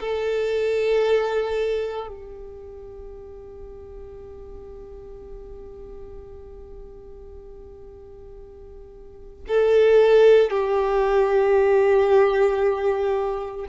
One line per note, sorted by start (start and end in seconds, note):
0.00 2.08 A4
2.08 9.44 G4
9.48 10.51 A4
10.51 13.67 G4